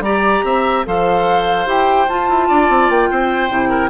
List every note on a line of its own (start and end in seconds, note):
0.00 0.41 G3
0.00 0.86 G4
0.00 0.45 D5
0.00 0.84 A#5
0.44 0.85 C4
0.44 0.86 E5
0.86 1.66 F3
0.86 1.66 A4
0.86 2.48 C5
0.86 1.68 F5
1.66 2.07 E4
1.66 2.07 G4
1.66 2.09 G5
2.09 3.50 F4
2.09 2.29 F4
2.09 2.90 A5
2.29 2.49 E4
2.48 2.69 D4
2.48 3.10 D5
2.69 2.89 C4
2.89 3.09 A#3
2.89 3.90 G5
3.10 3.49 C4
3.10 3.69 C5
3.49 3.90 C3
3.49 3.90 E4
3.69 3.90 A#4